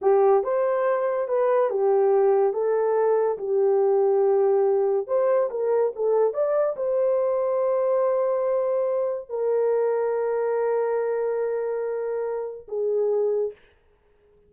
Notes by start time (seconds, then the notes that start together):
0.01 G4
0.43 C5
1.28 B4
1.70 G4
2.53 A4
3.38 G4
5.07 C5
5.50 A#4
5.95 A4
6.33 D5
6.76 C5
9.29 A#4
12.67 G#4